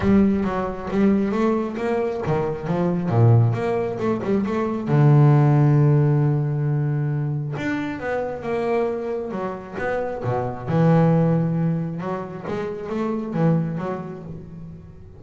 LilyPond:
\new Staff \with { instrumentName = "double bass" } { \time 4/4 \tempo 4 = 135 g4 fis4 g4 a4 | ais4 dis4 f4 ais,4 | ais4 a8 g8 a4 d4~ | d1~ |
d4 d'4 b4 ais4~ | ais4 fis4 b4 b,4 | e2. fis4 | gis4 a4 e4 fis4 | }